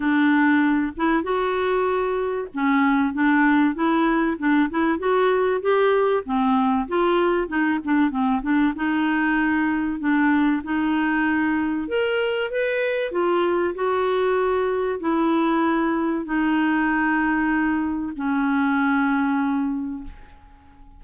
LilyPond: \new Staff \with { instrumentName = "clarinet" } { \time 4/4 \tempo 4 = 96 d'4. e'8 fis'2 | cis'4 d'4 e'4 d'8 e'8 | fis'4 g'4 c'4 f'4 | dis'8 d'8 c'8 d'8 dis'2 |
d'4 dis'2 ais'4 | b'4 f'4 fis'2 | e'2 dis'2~ | dis'4 cis'2. | }